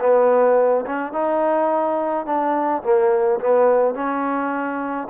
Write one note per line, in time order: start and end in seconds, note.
0.00 0.85 B3
0.86 1.13 C#4
1.13 2.26 D#4
2.26 2.82 D4
2.83 3.40 A#3
3.40 3.95 B3
3.95 5.08 C#4